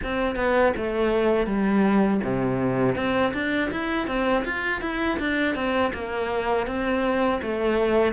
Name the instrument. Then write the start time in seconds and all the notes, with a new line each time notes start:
cello
0.03 C4
0.35 B3
0.76 A3
1.46 G3
2.23 C3
2.95 C4
3.33 D4
3.71 E4
4.07 C4
4.44 F4
4.81 E4
5.19 D4
5.55 C4
5.93 A#3
6.67 C4
7.41 A3